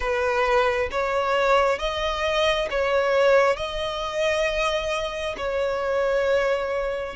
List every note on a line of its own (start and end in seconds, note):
0.00 0.89 B4
0.91 1.78 C#5
1.78 2.68 D#5
2.70 3.56 C#5
3.56 5.35 D#5
5.37 7.16 C#5